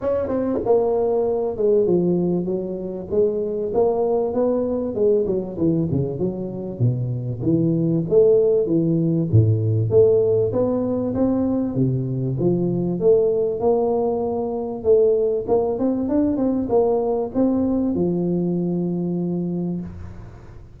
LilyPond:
\new Staff \with { instrumentName = "tuba" } { \time 4/4 \tempo 4 = 97 cis'8 c'8 ais4. gis8 f4 | fis4 gis4 ais4 b4 | gis8 fis8 e8 cis8 fis4 b,4 | e4 a4 e4 a,4 |
a4 b4 c'4 c4 | f4 a4 ais2 | a4 ais8 c'8 d'8 c'8 ais4 | c'4 f2. | }